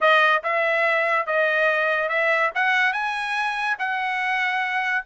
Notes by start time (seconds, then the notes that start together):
0.00 D#5
0.43 E5
1.26 D#5
2.09 E5
2.54 F#5
2.93 G#5
3.78 F#5